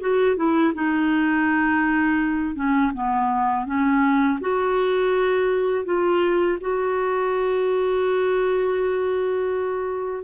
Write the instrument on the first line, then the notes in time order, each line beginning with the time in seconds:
clarinet
0.00 F#4
0.36 E4
0.74 D#4
2.55 C#4
2.94 B3
3.66 C#4
4.41 F#4
5.85 F4
6.61 F#4